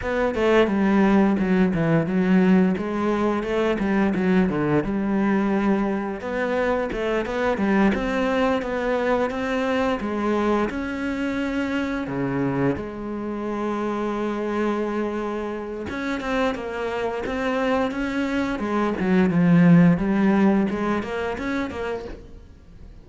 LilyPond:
\new Staff \with { instrumentName = "cello" } { \time 4/4 \tempo 4 = 87 b8 a8 g4 fis8 e8 fis4 | gis4 a8 g8 fis8 d8 g4~ | g4 b4 a8 b8 g8 c'8~ | c'8 b4 c'4 gis4 cis'8~ |
cis'4. cis4 gis4.~ | gis2. cis'8 c'8 | ais4 c'4 cis'4 gis8 fis8 | f4 g4 gis8 ais8 cis'8 ais8 | }